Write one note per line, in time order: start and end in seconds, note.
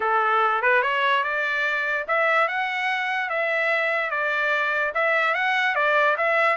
0.00 0.61 A4
0.61 0.82 B4
0.82 1.23 C#5
1.23 2.05 D5
2.07 2.48 E5
2.48 3.29 F#5
3.29 4.10 E5
4.10 4.92 D5
4.94 5.34 E5
5.34 5.75 F#5
5.75 6.16 D5
6.17 6.56 E5